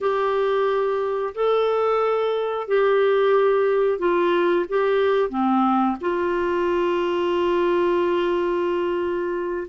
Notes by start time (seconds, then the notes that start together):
0.00 G4
1.35 A4
2.67 G4
3.98 F4
4.68 G4
5.29 C4
6.01 F4